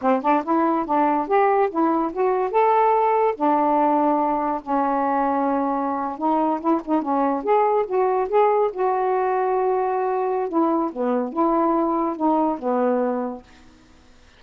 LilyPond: \new Staff \with { instrumentName = "saxophone" } { \time 4/4 \tempo 4 = 143 c'8 d'8 e'4 d'4 g'4 | e'4 fis'4 a'2 | d'2. cis'4~ | cis'2~ cis'8. dis'4 e'16~ |
e'16 dis'8 cis'4 gis'4 fis'4 gis'16~ | gis'8. fis'2.~ fis'16~ | fis'4 e'4 b4 e'4~ | e'4 dis'4 b2 | }